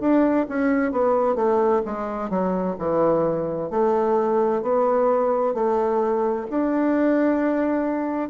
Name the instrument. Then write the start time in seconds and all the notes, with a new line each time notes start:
bassoon
0.00 D4
0.48 C#4
0.91 B3
1.35 A3
1.85 G#3
2.29 F#3
2.78 E3
3.70 A3
4.62 B3
5.54 A3
6.50 D4